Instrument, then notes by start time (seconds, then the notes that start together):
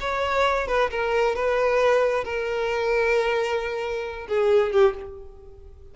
violin
0.00 C#5
0.67 B4
0.90 A#4
1.35 B4
2.24 A#4
4.28 G#4
4.72 G4